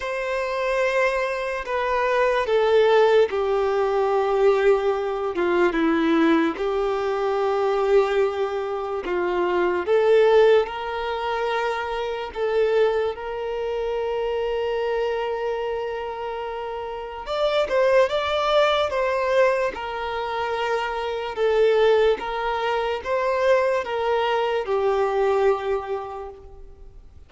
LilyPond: \new Staff \with { instrumentName = "violin" } { \time 4/4 \tempo 4 = 73 c''2 b'4 a'4 | g'2~ g'8 f'8 e'4 | g'2. f'4 | a'4 ais'2 a'4 |
ais'1~ | ais'4 d''8 c''8 d''4 c''4 | ais'2 a'4 ais'4 | c''4 ais'4 g'2 | }